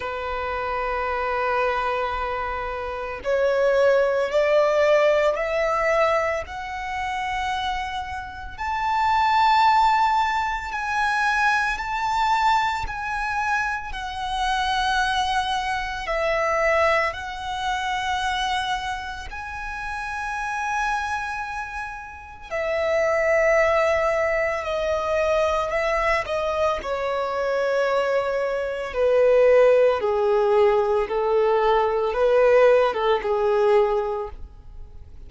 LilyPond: \new Staff \with { instrumentName = "violin" } { \time 4/4 \tempo 4 = 56 b'2. cis''4 | d''4 e''4 fis''2 | a''2 gis''4 a''4 | gis''4 fis''2 e''4 |
fis''2 gis''2~ | gis''4 e''2 dis''4 | e''8 dis''8 cis''2 b'4 | gis'4 a'4 b'8. a'16 gis'4 | }